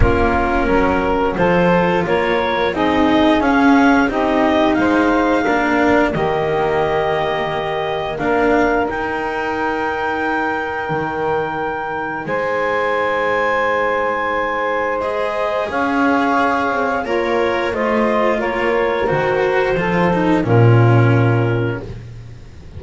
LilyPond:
<<
  \new Staff \with { instrumentName = "clarinet" } { \time 4/4 \tempo 4 = 88 ais'2 c''4 cis''4 | dis''4 f''4 dis''4 f''4~ | f''4 dis''2. | f''4 g''2.~ |
g''2 gis''2~ | gis''2 dis''4 f''4~ | f''4 cis''4 dis''4 cis''4 | c''2 ais'2 | }
  \new Staff \with { instrumentName = "saxophone" } { \time 4/4 f'4 ais'4 a'4 ais'4 | gis'2 g'4 c''4 | ais'4 g'2. | ais'1~ |
ais'2 c''2~ | c''2. cis''4~ | cis''4 f'4 c''4 ais'4~ | ais'4 a'4 f'2 | }
  \new Staff \with { instrumentName = "cello" } { \time 4/4 cis'2 f'2 | dis'4 cis'4 dis'2 | d'4 ais2. | d'4 dis'2.~ |
dis'1~ | dis'2 gis'2~ | gis'4 ais'4 f'2 | fis'4 f'8 dis'8 cis'2 | }
  \new Staff \with { instrumentName = "double bass" } { \time 4/4 ais4 fis4 f4 ais4 | c'4 cis'4 c'4 gis4 | ais4 dis2. | ais4 dis'2. |
dis2 gis2~ | gis2. cis'4~ | cis'8 c'8 ais4 a4 ais4 | dis4 f4 ais,2 | }
>>